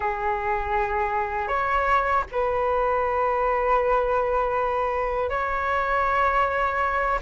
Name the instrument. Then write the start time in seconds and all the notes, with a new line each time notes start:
flute
0.00 G#4
1.47 C#5
2.31 B4
5.29 C#5